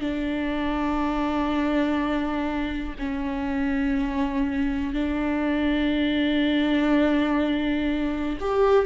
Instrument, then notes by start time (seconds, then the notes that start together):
viola
0.00 D4
2.98 C#4
4.94 D4
8.40 G4